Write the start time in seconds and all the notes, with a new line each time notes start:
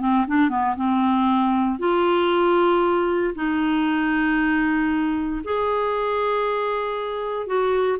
0.00 C4
0.27 D4
0.49 B3
0.76 C4
1.79 F4
3.35 D#4
5.44 G#4
7.46 F#4